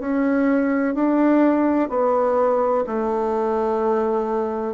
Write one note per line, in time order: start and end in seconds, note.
0.00 0.95 C#4
0.95 1.90 D4
1.90 2.85 B3
2.87 4.74 A3